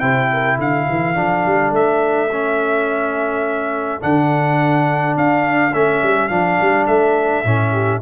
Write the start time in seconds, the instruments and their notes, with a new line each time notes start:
0.00 tuba C3, trombone E4, horn C5, trumpet G5
0.33 horn A#4
0.56 tuba D3, horn A4, trumpet F5
0.90 tuba E3
1.15 tuba F3, trombone D4
1.45 tuba G3
1.72 tuba A3, trumpet E5
2.32 trombone C#4
4.00 tuba D3, trombone D4, trumpet F#5
5.17 tuba D4, trumpet F5
5.73 tuba A3, trombone C#4, trumpet E5
6.03 tuba G3
6.28 tuba F3, trombone D4, trumpet F5
6.61 tuba G3
6.87 tuba A3, trumpet E5
7.44 tuba A2, trombone C#4
7.72 horn G4